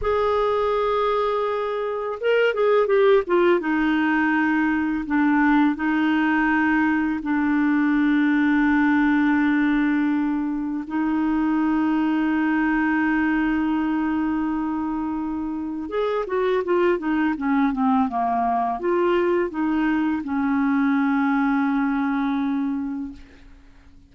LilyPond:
\new Staff \with { instrumentName = "clarinet" } { \time 4/4 \tempo 4 = 83 gis'2. ais'8 gis'8 | g'8 f'8 dis'2 d'4 | dis'2 d'2~ | d'2. dis'4~ |
dis'1~ | dis'2 gis'8 fis'8 f'8 dis'8 | cis'8 c'8 ais4 f'4 dis'4 | cis'1 | }